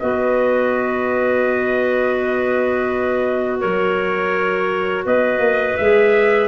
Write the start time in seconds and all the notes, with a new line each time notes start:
0.00 B3 F#4 B4 D#5
3.60 F#3 A#4 C#5
5.05 B3 B4 D#5
5.38 A#3
5.77 G#3 G#4 E5